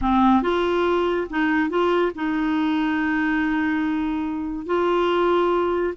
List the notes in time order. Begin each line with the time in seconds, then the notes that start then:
0.01 C4
0.42 F4
1.30 D#4
1.69 F4
2.15 D#4
4.65 F4